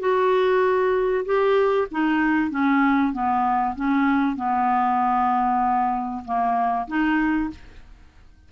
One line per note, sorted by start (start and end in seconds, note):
0.00 1.25 F#4
1.26 1.88 G4
1.91 2.51 D#4
2.51 3.13 C#4
3.13 3.76 B3
3.76 4.37 C#4
4.37 6.24 B3
6.25 6.88 A#3
6.88 7.51 D#4